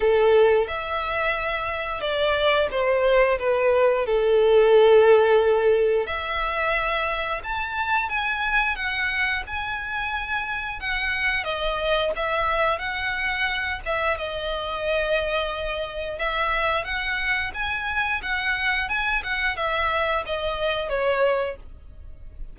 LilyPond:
\new Staff \with { instrumentName = "violin" } { \time 4/4 \tempo 4 = 89 a'4 e''2 d''4 | c''4 b'4 a'2~ | a'4 e''2 a''4 | gis''4 fis''4 gis''2 |
fis''4 dis''4 e''4 fis''4~ | fis''8 e''8 dis''2. | e''4 fis''4 gis''4 fis''4 | gis''8 fis''8 e''4 dis''4 cis''4 | }